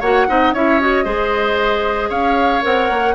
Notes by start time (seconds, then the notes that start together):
0.00 A#3 F#4 C#5 F#5
0.28 C4 D#4 D#5
0.53 C#4 E4 C#5 E5
0.80 F#4 D#5
1.04 G#3 G#4 C5
2.09 C#4 C#5 F5
2.62 C4 A#4 F#5
2.90 A#3